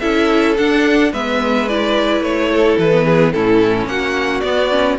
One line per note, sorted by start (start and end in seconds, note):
0.00 0.58 C#4
0.00 0.57 E4
0.00 1.12 A4
0.00 0.55 E5
0.58 1.13 D4
0.58 1.13 F#5
1.13 2.21 G#3
1.13 1.68 B3
1.13 2.50 B4
1.13 1.69 E5
1.69 2.91 E4
1.69 2.23 D5
2.21 2.76 A3
2.21 2.78 C#5
2.51 3.06 A4
2.78 3.33 E3
2.78 3.32 B4
2.91 3.33 B3
3.06 3.34 G#4
3.32 3.86 A2
3.32 4.43 C#4
3.32 3.89 E4
3.32 3.87 A4
3.86 4.41 A#3
3.86 4.99 F#4
3.86 4.41 F#5
4.41 4.71 B3
4.41 4.99 B3
4.41 4.96 D5
4.71 4.98 C#4